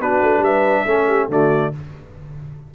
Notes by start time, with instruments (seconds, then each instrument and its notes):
0.00 tuba B3, trombone D4, horn F#4, trumpet B4
0.22 tuba A3
0.39 tuba G3, horn B4, trumpet E5
0.86 tuba A3, trombone C#4, horn A4
1.08 horn G4
1.29 tuba D3, trombone A3, horn F#4, trumpet D5